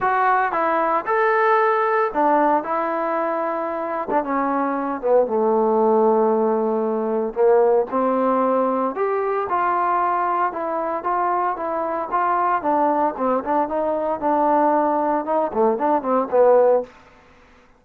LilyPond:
\new Staff \with { instrumentName = "trombone" } { \time 4/4 \tempo 4 = 114 fis'4 e'4 a'2 | d'4 e'2~ e'8. d'16 | cis'4. b8 a2~ | a2 ais4 c'4~ |
c'4 g'4 f'2 | e'4 f'4 e'4 f'4 | d'4 c'8 d'8 dis'4 d'4~ | d'4 dis'8 a8 d'8 c'8 b4 | }